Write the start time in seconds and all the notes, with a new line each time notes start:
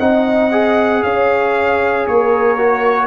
0.00 C4 D#4 D#5 F#5
0.52 G#4
1.03 C#4 C#5 F5
2.08 A#3 A#4 C#5
2.58 F#4